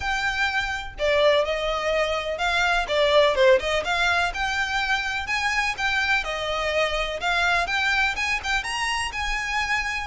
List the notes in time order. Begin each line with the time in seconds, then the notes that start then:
0.00 G5
0.98 D5
1.44 D#5
2.38 F5
2.88 D5
3.35 C5
3.59 D#5
3.84 F5
4.33 G5
5.26 G#5
5.77 G5
6.24 D#5
7.20 F5
7.67 G5
8.16 G#5
8.43 G5
8.63 A#5
9.12 G#5